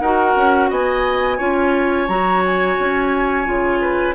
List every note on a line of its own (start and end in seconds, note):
0.00 0.34 D#4
0.00 1.39 F#4
0.00 0.70 A#4
0.00 0.70 F#5
0.36 0.70 C#4
0.70 1.39 B3
0.70 1.38 D#5
0.70 2.08 G#5
1.38 2.08 C#4
1.38 2.08 F4
1.38 3.79 C#5
2.08 2.77 F#3
2.08 3.45 F#4
2.08 2.43 A#5
2.46 4.15 G#5
2.79 3.48 C#4
3.45 4.15 C#3
3.45 4.14 F4
3.81 4.15 B4